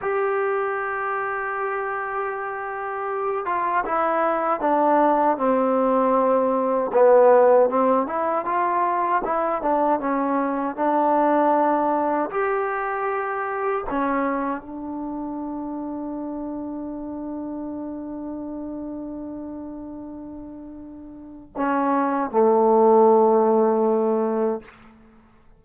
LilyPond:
\new Staff \with { instrumentName = "trombone" } { \time 4/4 \tempo 4 = 78 g'1~ | g'8 f'8 e'4 d'4 c'4~ | c'4 b4 c'8 e'8 f'4 | e'8 d'8 cis'4 d'2 |
g'2 cis'4 d'4~ | d'1~ | d'1 | cis'4 a2. | }